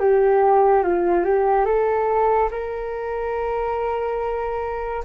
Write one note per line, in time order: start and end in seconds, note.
0.00 0.83 G4
0.83 1.24 F4
1.24 1.65 G4
1.65 2.50 A4
2.51 5.04 A#4